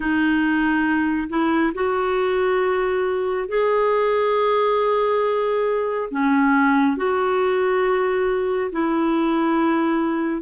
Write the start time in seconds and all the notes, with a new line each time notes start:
0.00 D#4
1.29 E4
1.74 F#4
3.48 G#4
6.11 C#4
6.96 F#4
8.72 E4